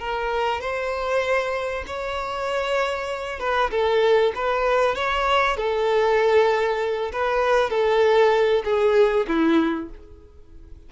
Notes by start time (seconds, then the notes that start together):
0.00 A#4
0.61 C5
1.87 C#5
3.40 B4
3.71 A4
4.35 B4
4.95 C#5
5.57 A4
7.12 B4
7.70 A4
8.65 G#4
9.28 E4